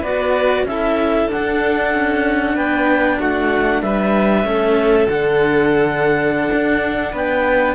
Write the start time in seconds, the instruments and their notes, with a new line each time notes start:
0.00 cello B3 F#4, violin B4, clarinet D5
0.64 cello C#4 E4, violin A4, clarinet E5
1.29 cello D4, clarinet F#5
1.35 cello D4
1.94 cello C#4
2.55 cello B3, violin B4, clarinet G5
3.19 cello A3, violin F#4, clarinet F#5
3.82 cello G3, violin B4, clarinet E5
4.44 cello A3 C#4, violin A4
5.07 cello D3 D4, clarinet F#5
6.53 cello D4
7.12 cello B3, violin B4, clarinet G5